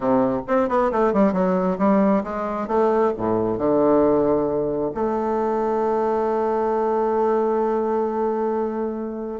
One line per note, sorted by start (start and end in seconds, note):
0.00 0.41 C3
0.47 0.68 C4
0.68 0.91 B3
0.91 1.13 A3
1.13 1.32 G3
1.32 1.77 F#3
1.78 2.23 G3
2.23 2.67 G#3
2.67 3.12 A3
3.17 3.57 A2
3.57 4.92 D3
4.94 9.40 A3